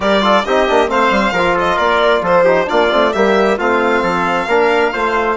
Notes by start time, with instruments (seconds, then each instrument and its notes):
0.00 bassoon G3, trombone G4, trumpet A#4, violin D5
0.21 trombone F4, trumpet A4
0.44 bassoon C4, trombone D#4, trumpet G4, violin D#5
0.67 bassoon A#3, trombone D4
0.88 bassoon A3, trombone C4, trumpet C5, violin F5
1.10 bassoon G3
1.32 bassoon F3, trumpet A#4
1.38 trombone F4
1.54 trumpet A4, violin D#5
1.75 bassoon A#3, trumpet A#4, violin D5
2.21 bassoon F3, trumpet A4, violin C5
2.44 trombone D#4, trumpet G4
2.66 bassoon A#3, trombone D4, trumpet F4, violin D5
2.90 bassoon A3, trombone C4
3.12 bassoon G3, trombone A#3, trumpet G4, violin E5
3.58 bassoon A3, trombone C4, trumpet F4, violin F5
4.02 bassoon F3, trumpet A4
4.47 bassoon A#3, trombone D4, trumpet A#4
4.92 bassoon A3, trombone F4, trumpet C5